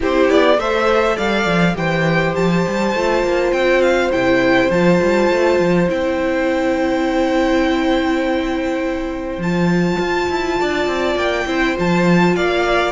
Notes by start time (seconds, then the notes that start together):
0.00 C4 E4 G4 C5
0.30 B3 D5
0.57 A3 A4 C5 E5
1.16 G3 D5 F5
1.45 F3
1.74 E3 G4 C5 G5
2.35 F3 A5
2.67 G3
2.94 A3 F4
3.23 A#3
3.52 C4 G5
3.81 F5
4.11 C3 E4 G5
4.70 F3 F4 A5
5.02 G3
5.30 A3
5.59 F3
5.88 C4 E4 G5
9.38 F3 F4 A5
9.98 F4
10.29 E4
10.60 D4 D5
10.86 C4
11.15 A#3 G5
11.46 C4 E4 C5
11.75 F3 F4 A5
12.35 A#3 D5 F5